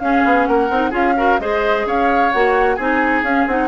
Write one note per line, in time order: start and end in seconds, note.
0.00 0.23 C#4
0.00 0.71 C#4
0.00 0.49 G#4
0.00 0.46 F5
0.25 0.48 B3
0.46 0.70 A#3
0.46 0.91 A#4
0.46 0.92 F#5
0.70 0.92 C4
0.70 0.91 D#4
0.91 1.38 C#4
0.91 1.15 F4
0.91 1.14 G#4
0.91 1.40 F5
1.17 1.40 F#4
1.17 1.40 A#4
1.40 1.86 G#3
1.40 2.33 G#4
1.40 1.87 C5
1.40 1.87 D#5
1.86 2.32 C#4
1.86 2.76 C#5
1.86 2.32 F5
2.32 2.78 A#3
2.32 2.79 F#4
2.32 2.76 F#5
2.76 3.23 C4
2.76 3.25 D#4
2.76 3.69 G#4
2.76 3.22 G#5
3.23 3.46 C#4
3.23 3.50 C#4
3.23 3.47 F5
3.47 3.69 C4
3.47 3.69 D#4
3.47 3.69 F#5